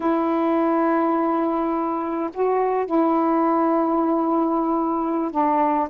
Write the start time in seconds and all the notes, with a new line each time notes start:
0.00 E4
2.33 F#4
2.86 E4
5.31 D4